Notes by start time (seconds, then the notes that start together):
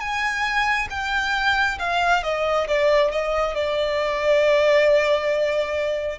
0.00 G#5
0.90 G5
1.79 F5
2.23 D#5
2.68 D5
3.11 D#5
3.55 D5